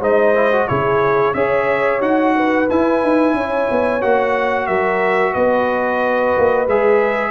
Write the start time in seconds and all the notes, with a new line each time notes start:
0.00 G#3 D#4 C5 D#5
0.35 E4
0.52 F#4
0.67 C#3 E4 G#4 C#5
1.33 C#4 G#4 C#5 E5
2.00 D#4 F#4 F#5
2.36 B4
2.70 E4 G#5
3.03 D#4
3.33 C#4 C#5
3.70 B3
4.01 A#3 F#4 F#5
4.67 F#3 A#4 E5
5.33 B3 B4 D#5
6.37 A#3
6.67 G#3 G#4 E5